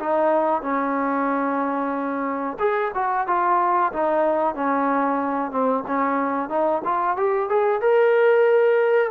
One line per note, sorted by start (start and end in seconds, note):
0.00 0.62 D#4
0.62 2.58 C#4
2.59 2.92 G#4
2.95 3.28 F#4
3.28 3.93 F4
3.93 4.55 D#4
4.55 5.52 C#4
5.52 5.84 C4
5.88 6.50 C#4
6.50 6.82 D#4
6.84 7.17 F4
7.17 7.50 G4
7.50 7.81 G#4
7.81 9.12 A#4